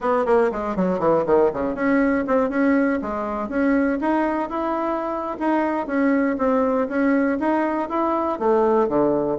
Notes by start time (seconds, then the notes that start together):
0.00 B3
0.25 A#3
0.51 G#3
0.76 F#3
0.99 E3
1.26 D#3
1.53 C#3
1.74 C#4
2.27 C4
2.49 C#4
3.01 G#3
3.48 C#4
4.00 D#4
4.49 E4
5.39 D#4
5.86 C#4
6.38 C4
6.88 C#4
7.39 D#4
7.89 E4
8.39 A3
8.88 D3